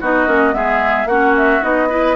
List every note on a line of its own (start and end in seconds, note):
0.00 0.27 B3
0.00 0.27 D#4
0.00 0.54 F#4
0.00 0.54 D#5
0.27 0.54 A#3
0.27 0.52 C#4
0.52 1.05 G#3
0.52 1.06 B3
0.52 1.08 G#4
0.52 1.07 E5
1.05 1.59 A#3
1.05 1.61 C#4
1.05 1.89 F#4
1.05 1.34 F#5
1.37 1.63 E5
1.61 2.16 B3
1.61 1.88 D#4
1.61 2.16 D#5
1.89 2.16 E4
1.89 2.16 B4